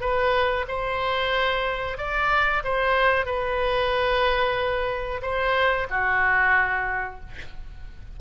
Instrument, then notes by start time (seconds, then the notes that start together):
oboe
0.00 B4
0.68 C5
1.97 D5
2.64 C5
3.25 B4
5.22 C5
5.90 F#4